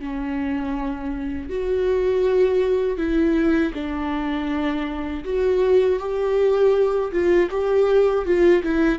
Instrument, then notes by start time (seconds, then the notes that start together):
viola
0.00 C#4
1.50 F#4
2.98 E4
3.74 D4
5.25 F#4
6.00 G4
7.12 F4
7.51 G4
8.26 F4
8.64 E4